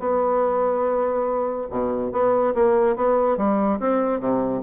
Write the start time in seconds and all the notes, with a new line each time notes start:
0.00 B3
1.71 B2
2.12 B3
2.55 A#3
2.96 B3
3.38 G3
3.80 C4
4.20 C3